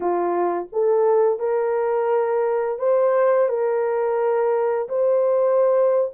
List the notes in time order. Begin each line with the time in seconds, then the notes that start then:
0.00 F4
0.72 A4
1.39 A#4
2.78 C5
3.49 A#4
4.88 C5